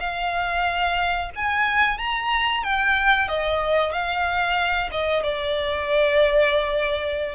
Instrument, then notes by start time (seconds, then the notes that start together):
violin
0.00 F5
1.35 G#5
1.98 A#5
2.64 G5
3.28 D#5
3.92 F5
4.92 D#5
5.23 D5